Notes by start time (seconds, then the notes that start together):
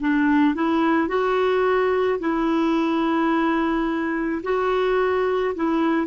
0.00 D4
0.55 E4
1.08 F#4
2.20 E4
4.43 F#4
5.55 E4